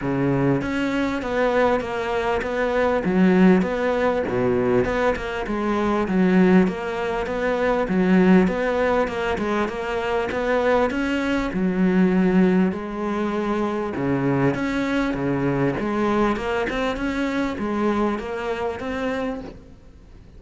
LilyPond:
\new Staff \with { instrumentName = "cello" } { \time 4/4 \tempo 4 = 99 cis4 cis'4 b4 ais4 | b4 fis4 b4 b,4 | b8 ais8 gis4 fis4 ais4 | b4 fis4 b4 ais8 gis8 |
ais4 b4 cis'4 fis4~ | fis4 gis2 cis4 | cis'4 cis4 gis4 ais8 c'8 | cis'4 gis4 ais4 c'4 | }